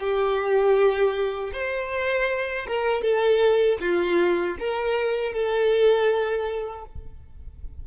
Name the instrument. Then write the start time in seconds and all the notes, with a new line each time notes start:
violin
0.00 G4
1.53 C5
2.67 A#4
3.02 A4
3.80 F4
4.59 A#4
5.33 A4